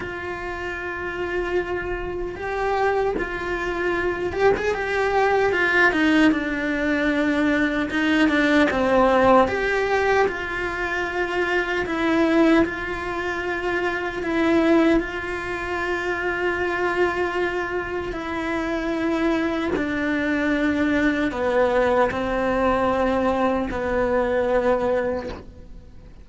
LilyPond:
\new Staff \with { instrumentName = "cello" } { \time 4/4 \tempo 4 = 76 f'2. g'4 | f'4. g'16 gis'16 g'4 f'8 dis'8 | d'2 dis'8 d'8 c'4 | g'4 f'2 e'4 |
f'2 e'4 f'4~ | f'2. e'4~ | e'4 d'2 b4 | c'2 b2 | }